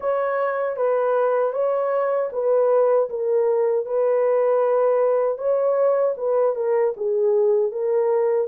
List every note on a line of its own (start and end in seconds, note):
0.00 0.76 C#5
0.76 1.52 B4
1.52 2.29 C#5
2.32 3.09 B4
3.09 3.85 A#4
3.85 5.38 B4
5.38 6.15 C#5
6.17 6.55 B4
6.55 6.94 A#4
6.97 7.71 G#4
7.71 8.48 A#4